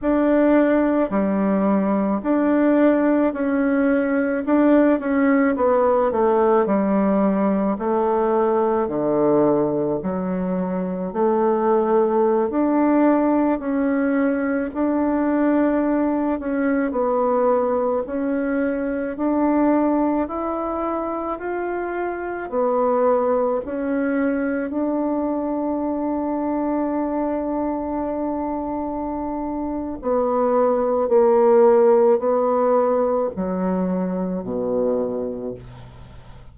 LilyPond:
\new Staff \with { instrumentName = "bassoon" } { \time 4/4 \tempo 4 = 54 d'4 g4 d'4 cis'4 | d'8 cis'8 b8 a8 g4 a4 | d4 fis4 a4~ a16 d'8.~ | d'16 cis'4 d'4. cis'8 b8.~ |
b16 cis'4 d'4 e'4 f'8.~ | f'16 b4 cis'4 d'4.~ d'16~ | d'2. b4 | ais4 b4 fis4 b,4 | }